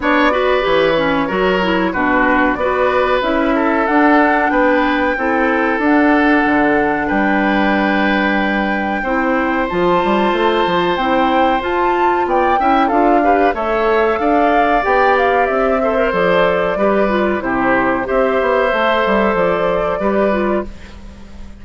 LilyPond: <<
  \new Staff \with { instrumentName = "flute" } { \time 4/4 \tempo 4 = 93 d''4 cis''2 b'4 | d''4 e''4 fis''4 g''4~ | g''4 fis''2 g''4~ | g''2. a''4~ |
a''4 g''4 a''4 g''4 | f''4 e''4 f''4 g''8 f''8 | e''4 d''2 c''4 | e''2 d''2 | }
  \new Staff \with { instrumentName = "oboe" } { \time 4/4 cis''8 b'4. ais'4 fis'4 | b'4. a'4. b'4 | a'2. b'4~ | b'2 c''2~ |
c''2. d''8 e''8 | a'8 b'8 cis''4 d''2~ | d''8 c''4. b'4 g'4 | c''2. b'4 | }
  \new Staff \with { instrumentName = "clarinet" } { \time 4/4 d'8 fis'8 g'8 cis'8 fis'8 e'8 d'4 | fis'4 e'4 d'2 | e'4 d'2.~ | d'2 e'4 f'4~ |
f'4 e'4 f'4. e'8 | f'8 g'8 a'2 g'4~ | g'8 a'16 ais'16 a'4 g'8 f'8 e'4 | g'4 a'2 g'8 f'8 | }
  \new Staff \with { instrumentName = "bassoon" } { \time 4/4 b4 e4 fis4 b,4 | b4 cis'4 d'4 b4 | c'4 d'4 d4 g4~ | g2 c'4 f8 g8 |
a8 f8 c'4 f'4 b8 cis'8 | d'4 a4 d'4 b4 | c'4 f4 g4 c4 | c'8 b8 a8 g8 f4 g4 | }
>>